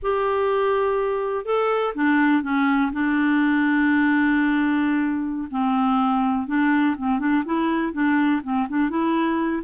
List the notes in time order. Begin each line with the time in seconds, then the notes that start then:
0.02 G4
1.45 A4
1.94 D4
2.42 C#4
2.92 D4
5.50 C4
6.47 D4
6.97 C4
7.19 D4
7.45 E4
7.92 D4
8.43 C4
8.68 D4
8.89 E4